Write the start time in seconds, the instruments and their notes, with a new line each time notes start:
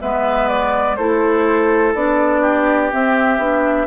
0.00 bassoon G#3, clarinet B3, oboe B4, flute E5
0.48 flute D5
0.96 bassoon A3, clarinet E4, oboe A4, flute C5
1.94 bassoon B3, clarinet D4, flute D5
2.41 oboe G4
2.91 clarinet C4, bassoon C4, flute E5
3.38 bassoon B3, clarinet D4